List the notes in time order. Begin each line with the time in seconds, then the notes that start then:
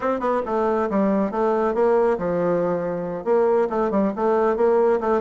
0.00 C4
0.20 B3
0.45 A3
0.90 G3
1.31 A3
1.74 A#3
2.17 F3
3.24 A#3
3.69 A3
3.90 G3
4.16 A3
4.56 A#3
5.00 A3